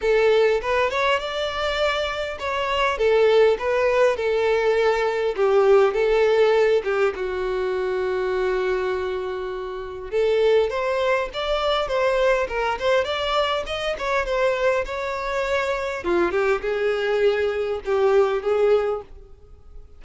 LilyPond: \new Staff \with { instrumentName = "violin" } { \time 4/4 \tempo 4 = 101 a'4 b'8 cis''8 d''2 | cis''4 a'4 b'4 a'4~ | a'4 g'4 a'4. g'8 | fis'1~ |
fis'4 a'4 c''4 d''4 | c''4 ais'8 c''8 d''4 dis''8 cis''8 | c''4 cis''2 f'8 g'8 | gis'2 g'4 gis'4 | }